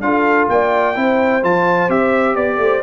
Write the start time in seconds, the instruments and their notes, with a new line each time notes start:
0.00 tuba D4, trombone F4, horn A4, trumpet F5
0.49 tuba A#3, horn D5, trumpet G5
0.95 tuba C4, trombone E4, horn C5
1.42 tuba F3, trombone F4, trumpet A5
1.89 tuba C4, trombone G4, trumpet E5
2.35 tuba B3, trumpet D5, horn D5
2.58 tuba A3, horn C5